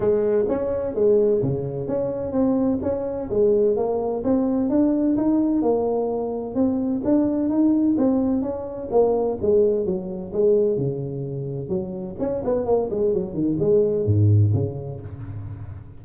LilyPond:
\new Staff \with { instrumentName = "tuba" } { \time 4/4 \tempo 4 = 128 gis4 cis'4 gis4 cis4 | cis'4 c'4 cis'4 gis4 | ais4 c'4 d'4 dis'4 | ais2 c'4 d'4 |
dis'4 c'4 cis'4 ais4 | gis4 fis4 gis4 cis4~ | cis4 fis4 cis'8 b8 ais8 gis8 | fis8 dis8 gis4 gis,4 cis4 | }